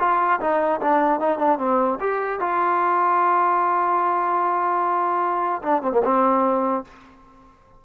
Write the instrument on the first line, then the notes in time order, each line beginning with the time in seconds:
trombone
0.00 F4
0.40 D#4
0.81 D4
1.20 D#4
1.39 D4
1.59 C4
2.00 G4
2.40 F4
5.62 D4
5.83 C4
5.92 A#3
6.04 C4